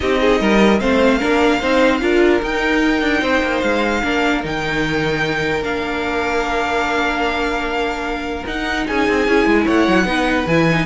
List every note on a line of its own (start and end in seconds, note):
0.00 0.40 C4
0.00 0.78 D#4
0.00 0.20 G4
0.00 0.80 D#5
0.20 0.39 G#4
0.39 0.80 G3
0.39 0.80 A#4
0.80 1.21 A3
0.80 1.20 C4
0.80 1.18 C5
0.80 2.41 F5
1.18 1.62 A#3
1.18 1.60 D4
1.18 1.58 A#4
1.60 2.01 C4
1.60 2.00 D#4
1.60 2.00 C5
2.00 2.41 D4
2.00 2.41 F4
2.00 3.21 A#4
2.42 3.01 D#4
2.42 4.03 D#4
2.42 3.61 G5
3.01 3.21 D4
3.21 3.41 C4
3.21 4.01 C5
3.42 3.62 A#3
3.61 4.03 G#3
3.61 4.41 F5
4.03 4.44 A#3
4.03 4.42 D4
4.03 8.87 A#4
4.42 5.62 D#3
4.42 5.63 D#4
4.42 5.63 G5
5.62 8.43 A#3
5.62 8.45 D4
5.62 8.45 F5
8.45 8.85 D#4
8.45 9.27 D#4
8.45 8.87 F#5
8.87 9.08 C#4
8.87 9.65 G#4
8.87 9.67 G#5
9.08 9.28 C4
9.27 9.46 C#4
9.27 10.05 E4
9.46 9.66 G#3
9.65 9.88 A3
9.65 10.05 C#5
9.65 10.47 F#5
9.88 10.04 F#3
10.04 10.45 B3
10.04 10.45 D#4
10.04 10.85 B4
10.46 10.85 E3
10.46 10.69 E4
10.46 10.85 G#5
10.69 10.85 D#4